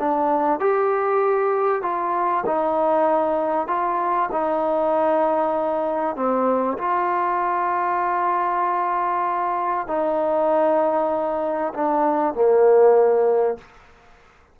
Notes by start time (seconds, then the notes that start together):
0.00 D4
0.60 G4
1.83 F4
2.46 D#4
3.68 F4
4.32 D#4
6.16 C4
6.78 F4
9.88 D#4
11.74 D4
12.35 A#3